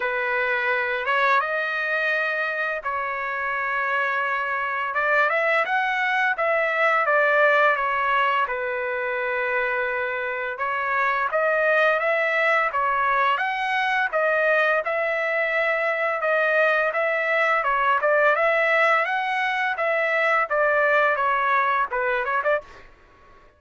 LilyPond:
\new Staff \with { instrumentName = "trumpet" } { \time 4/4 \tempo 4 = 85 b'4. cis''8 dis''2 | cis''2. d''8 e''8 | fis''4 e''4 d''4 cis''4 | b'2. cis''4 |
dis''4 e''4 cis''4 fis''4 | dis''4 e''2 dis''4 | e''4 cis''8 d''8 e''4 fis''4 | e''4 d''4 cis''4 b'8 cis''16 d''16 | }